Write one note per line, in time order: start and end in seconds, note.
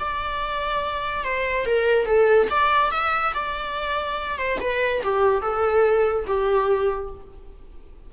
0.00 1.24 D5
1.24 1.66 C5
1.66 2.06 A#4
2.06 2.48 A4
2.50 2.92 D5
2.92 3.34 E5
3.34 4.38 D5
4.38 4.59 C5
4.61 5.03 B4
5.04 5.42 G4
5.42 6.26 A4
6.27 7.11 G4